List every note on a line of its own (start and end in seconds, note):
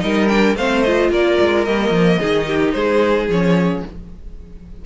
0.00 0.55 G3
0.00 0.27 D#4
0.00 0.56 A#4
0.00 0.28 D#5
0.28 0.56 D4
0.28 0.55 G5
0.55 1.10 A3
0.55 0.86 C4
0.55 1.11 C5
0.55 0.82 F5
0.82 1.67 F4
0.82 1.10 D#5
1.10 1.37 A#3
1.10 2.19 A#4
1.10 1.65 D5
1.40 1.67 G#3
1.65 1.90 G3
1.65 2.20 A#3
1.65 2.72 D#5
1.90 2.17 F3
2.19 2.74 D#3
2.19 3.29 D#4
2.19 2.46 G#4
2.47 2.74 G4
2.72 3.28 G#3
2.72 3.85 G#4
2.72 3.27 C5
3.28 3.83 F3
3.28 3.86 C#4
3.28 3.85 C#5